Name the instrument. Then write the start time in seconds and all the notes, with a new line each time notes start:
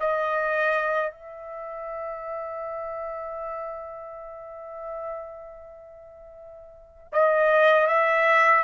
trumpet
0.00 D#5
1.11 E5
7.12 D#5
7.87 E5